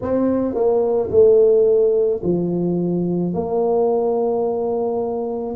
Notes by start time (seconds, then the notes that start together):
0.01 C4
0.54 A#3
1.10 A3
2.23 F3
3.33 A#3